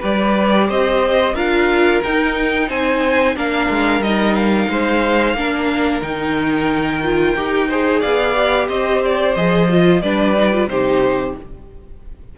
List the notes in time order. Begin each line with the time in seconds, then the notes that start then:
0.00 G3 G4 B4 D5
0.69 C4 C5 D#5
1.34 D4 F4 A#4 F5
2.03 D#4 G5
2.68 C4 C5 G#5
3.36 A#3 D4 A#4 F5
3.70 G#3
3.99 G3 D#4 D#5
4.35 F5
4.69 G#3 C5
5.34 A#3 D4 A#4
6.02 D#3 D#4 G5
7.03 F4
7.36 D#4 G4
7.68 G#4 C5
8.00 B3 D5 F5
8.35 G4
8.68 C4 C5 D#5
9.05 D5
9.35 F3 G#4 D#5
9.69 F4
10.01 G3 D4 B4 D5
10.37 D#4
10.52 F4
10.67 C3 D#4 G4 C5